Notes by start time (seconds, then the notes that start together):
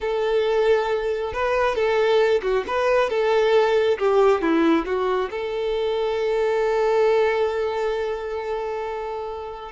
0.01 A4
1.33 B4
1.75 A4
2.42 F#4
2.67 B4
3.09 A4
3.98 G4
4.41 E4
4.85 F#4
5.30 A4